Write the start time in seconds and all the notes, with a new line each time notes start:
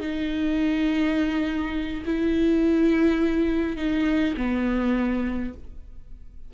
0.00 D#4
2.05 E4
3.77 D#4
4.37 B3